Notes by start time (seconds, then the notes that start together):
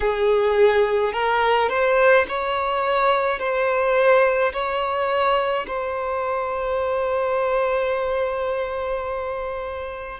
0.00 G#4
1.13 A#4
1.69 C5
2.28 C#5
3.39 C5
4.52 C#5
5.67 C5